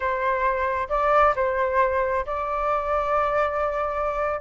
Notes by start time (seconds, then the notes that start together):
0.00 C5
0.89 D5
1.35 C5
2.26 D5